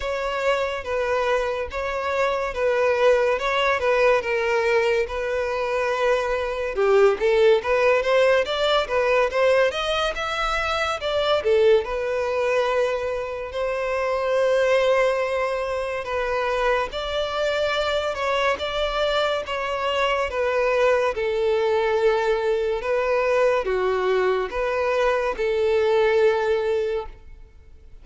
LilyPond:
\new Staff \with { instrumentName = "violin" } { \time 4/4 \tempo 4 = 71 cis''4 b'4 cis''4 b'4 | cis''8 b'8 ais'4 b'2 | g'8 a'8 b'8 c''8 d''8 b'8 c''8 dis''8 | e''4 d''8 a'8 b'2 |
c''2. b'4 | d''4. cis''8 d''4 cis''4 | b'4 a'2 b'4 | fis'4 b'4 a'2 | }